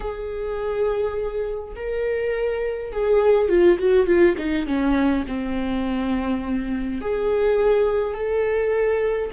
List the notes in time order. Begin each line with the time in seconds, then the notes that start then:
0.00 G#4
1.75 A#4
2.92 G#4
3.48 F4
3.78 F#4
4.06 F4
4.37 D#4
4.66 C#4
5.27 C4
7.01 G#4
8.14 A4